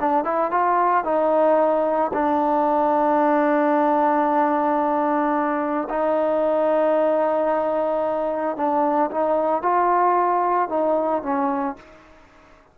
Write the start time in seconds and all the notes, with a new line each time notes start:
0.00 D4
0.24 E4
0.51 F4
1.04 D#4
2.14 D4
5.90 D#4
8.57 D4
9.11 D#4
9.62 F4
10.69 D#4
11.23 C#4